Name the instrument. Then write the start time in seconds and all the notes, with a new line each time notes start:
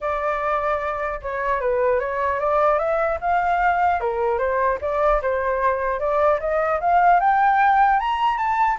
flute
0.00 D5
1.22 C#5
1.60 B4
1.99 C#5
2.39 D5
2.78 E5
3.20 F5
4.00 A#4
4.38 C5
4.81 D5
5.21 C5
5.99 D5
6.39 D#5
6.80 F5
7.20 G5
7.99 A#5
8.37 A5